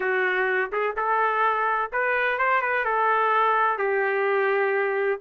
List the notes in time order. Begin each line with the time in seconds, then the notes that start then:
0.00 F#4
0.72 G#4
0.96 A4
1.92 B4
2.38 C5
2.61 B4
2.84 A4
3.78 G4